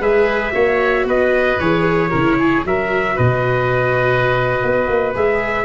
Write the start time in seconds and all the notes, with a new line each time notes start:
0.00 G#3 G#4 B4 E5
0.53 A#3 F#4 C#5
1.05 B3 B4 D#5
1.60 E3 G#4 C#5
2.11 C#3 E4 A#4
2.39 G#4
2.65 F#3 F#4 A#4 E5
3.16 B2 B4 D#5
4.63 B3
4.88 A#3
5.15 G#3 G#4 E5